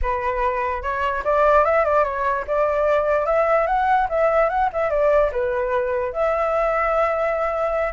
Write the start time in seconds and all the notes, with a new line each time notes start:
0.01 B4
0.82 C#5
1.24 D5
1.64 E5
1.84 D5
2.04 C#5
2.47 D5
3.26 E5
3.67 F#5
4.09 E5
4.49 F#5
4.72 E5
4.90 D5
5.32 B4
6.12 E5